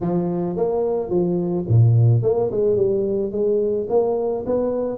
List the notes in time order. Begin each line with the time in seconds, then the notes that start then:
0.01 F3
0.56 A#3
1.09 F3
1.68 A#2
2.22 A#3
2.51 G#3
2.76 G3
3.31 G#3
3.89 A#3
4.45 B3